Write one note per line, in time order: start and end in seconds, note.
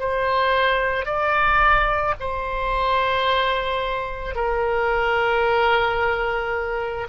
0.00 1.06 C5
1.06 2.15 D5
2.20 4.35 C5
4.35 7.08 A#4